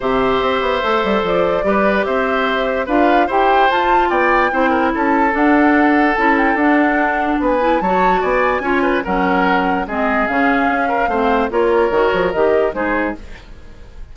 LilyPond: <<
  \new Staff \with { instrumentName = "flute" } { \time 4/4 \tempo 4 = 146 e''2. d''4~ | d''4 e''2 f''4 | g''4 a''4 g''2 | a''4 fis''2 a''8 g''8 |
fis''2 gis''4 a''4 | gis''2 fis''2 | dis''4 f''2. | cis''2 dis''4 c''4 | }
  \new Staff \with { instrumentName = "oboe" } { \time 4/4 c''1 | b'4 c''2 b'4 | c''2 d''4 c''8 ais'8 | a'1~ |
a'2 b'4 cis''4 | d''4 cis''8 b'8 ais'2 | gis'2~ gis'8 ais'8 c''4 | ais'2. gis'4 | }
  \new Staff \with { instrumentName = "clarinet" } { \time 4/4 g'2 a'2 | g'2. f'4 | g'4 f'2 e'4~ | e'4 d'2 e'4 |
d'2~ d'8 e'8 fis'4~ | fis'4 f'4 cis'2 | c'4 cis'2 c'4 | f'4 fis'4 g'4 dis'4 | }
  \new Staff \with { instrumentName = "bassoon" } { \time 4/4 c4 c'8 b8 a8 g8 f4 | g4 c'2 d'4 | e'4 f'4 b4 c'4 | cis'4 d'2 cis'4 |
d'2 b4 fis4 | b4 cis'4 fis2 | gis4 cis4 cis'4 a4 | ais4 dis8 f8 dis4 gis4 | }
>>